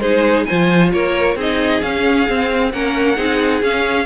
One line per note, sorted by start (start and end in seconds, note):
0.00 0.45 G#3
0.00 0.47 D#4
0.00 0.47 G#4
0.00 0.45 C5
0.45 1.38 F4
0.45 0.92 C5
0.45 0.90 G#5
0.51 0.93 F3
0.92 1.36 A#3
0.92 1.37 A#4
0.92 1.37 C#5
1.36 1.81 C4
1.36 1.81 D#4
1.36 2.72 G#4
1.36 1.82 D#5
1.81 2.27 C#4
1.81 2.28 C#4
1.81 2.72 F5
2.27 2.72 C4
2.27 2.73 C4
2.72 3.18 A#3
2.72 3.16 C#4
2.72 3.16 A#4
2.72 3.62 F#5
3.16 3.62 C4
3.16 3.61 D#4
3.16 4.06 G#4
3.62 4.06 C#4
3.62 4.06 F5